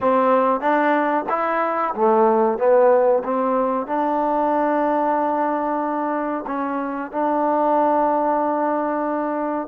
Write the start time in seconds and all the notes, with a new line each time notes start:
0.01 C4
0.60 D4
1.29 E4
1.94 A3
2.58 B3
3.24 C4
3.87 D4
6.47 C#4
7.11 D4